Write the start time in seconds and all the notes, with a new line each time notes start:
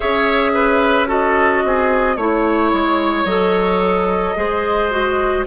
0.00 C#4 G#4 C#5 E5
0.53 B4
1.06 F#4 A4 D#5
1.63 C4 G#4
2.16 A3 E4 C#5
2.72 G#3
3.25 F#3 A4 D#5
4.36 G#3 G#4 C5
4.90 F#4